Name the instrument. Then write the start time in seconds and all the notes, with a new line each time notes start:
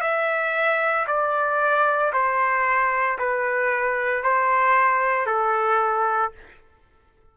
trumpet
0.00 E5
1.07 D5
2.12 C5
3.18 B4
4.23 C5
5.26 A4